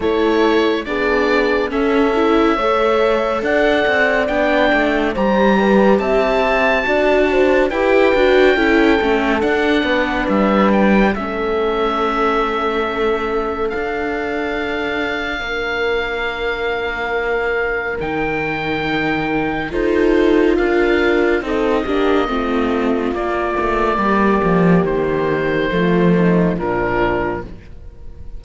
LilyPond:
<<
  \new Staff \with { instrumentName = "oboe" } { \time 4/4 \tempo 4 = 70 cis''4 d''4 e''2 | fis''4 g''4 ais''4 a''4~ | a''4 g''2 fis''4 | e''8 g''8 e''2. |
f''1~ | f''4 g''2 c''4 | f''4 dis''2 d''4~ | d''4 c''2 ais'4 | }
  \new Staff \with { instrumentName = "horn" } { \time 4/4 a'4 gis'4 a'4 cis''4 | d''2 c''8 b'8 e''4 | d''8 c''8 b'4 a'4. b'8~ | b'4 a'2.~ |
a'2 ais'2~ | ais'2. a'4 | ais'4 a'8 g'8 f'2 | g'2 f'8 dis'8 d'4 | }
  \new Staff \with { instrumentName = "viola" } { \time 4/4 e'4 d'4 cis'8 e'8 a'4~ | a'4 d'4 g'2 | fis'4 g'8 fis'8 e'8 cis'8 d'4~ | d'4 cis'2. |
d'1~ | d'4 dis'2 f'4~ | f'4 dis'8 d'8 c'4 ais4~ | ais2 a4 f4 | }
  \new Staff \with { instrumentName = "cello" } { \time 4/4 a4 b4 cis'4 a4 | d'8 c'8 b8 a8 g4 c'4 | d'4 e'8 d'8 cis'8 a8 d'8 b8 | g4 a2. |
d'2 ais2~ | ais4 dis2 dis'4 | d'4 c'8 ais8 a4 ais8 a8 | g8 f8 dis4 f4 ais,4 | }
>>